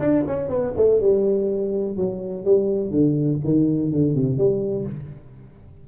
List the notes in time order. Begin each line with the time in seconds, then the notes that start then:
0.00 D4
0.27 C#4
0.49 B3
0.76 A3
1.00 G3
1.96 F#3
2.45 G3
2.90 D3
3.44 D#3
3.92 D3
4.15 C3
4.38 G3